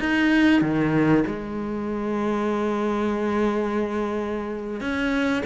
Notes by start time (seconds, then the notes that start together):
0.00 D#4
0.61 D#3
1.26 G#3
4.80 C#4